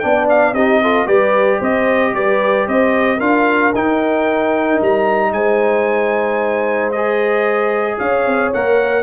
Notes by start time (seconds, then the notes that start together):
0.00 B3 D4 D5 G5
0.30 F5
0.53 C4 D#4 G4 D#5
0.83 F4 A4
1.06 G3 G4 B4 D5
1.59 C4 C5 D#5
2.14 G3 B4 D5
2.68 C4 C5 D#5
3.18 D4 F4 A#4 F5
3.75 D#4 G5
4.82 G3 A#5
5.32 G#3 C5 G#5
6.92 G#4 D#5
7.99 C#4 C#5 F5
8.27 C4
8.54 A#3 A#4 F#5